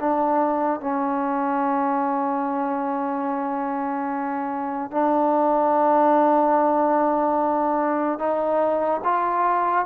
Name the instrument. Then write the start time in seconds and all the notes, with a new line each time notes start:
trombone
0.00 D4
0.81 C#4
4.91 D4
8.19 D#4
9.04 F4